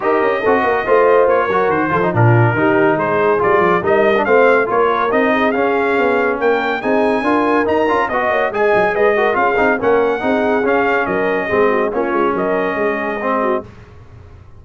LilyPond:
<<
  \new Staff \with { instrumentName = "trumpet" } { \time 4/4 \tempo 4 = 141 dis''2. cis''4 | c''4 ais'2 c''4 | d''4 dis''4 f''4 cis''4 | dis''4 f''2 g''4 |
gis''2 ais''4 dis''4 | gis''4 dis''4 f''4 fis''4~ | fis''4 f''4 dis''2 | cis''4 dis''2. | }
  \new Staff \with { instrumentName = "horn" } { \time 4/4 ais'4 a'8 ais'8 c''4. ais'8~ | ais'8 a'8 f'4 g'4 gis'4~ | gis'4 ais'4 c''4 ais'4~ | ais'8 gis'2~ gis'8 ais'4 |
gis'4 ais'2 dis''8 cis''8 | dis''4 b'8 ais'8 gis'4 ais'4 | gis'2 ais'4 gis'8 fis'8 | f'4 ais'4 gis'4. fis'8 | }
  \new Staff \with { instrumentName = "trombone" } { \time 4/4 g'4 fis'4 f'4. fis'8~ | fis'8 f'16 dis'16 d'4 dis'2 | f'4 dis'8. d'16 c'4 f'4 | dis'4 cis'2. |
dis'4 f'4 dis'8 f'8 fis'4 | gis'4. fis'8 f'8 dis'8 cis'4 | dis'4 cis'2 c'4 | cis'2. c'4 | }
  \new Staff \with { instrumentName = "tuba" } { \time 4/4 dis'8 cis'8 c'8 ais8 a4 ais8 fis8 | dis8 f8 ais,4 dis4 gis4 | g8 f8 g4 a4 ais4 | c'4 cis'4 b4 ais4 |
c'4 d'4 dis'8 cis'8 b8 ais8 | gis8 fis8 gis4 cis'8 c'8 ais4 | c'4 cis'4 fis4 gis4 | ais8 gis8 fis4 gis2 | }
>>